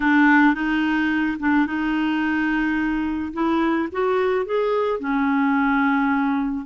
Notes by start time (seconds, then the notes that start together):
0.00 D4
0.54 D#4
1.39 D4
1.66 D#4
3.33 E4
3.91 F#4
4.45 G#4
4.99 C#4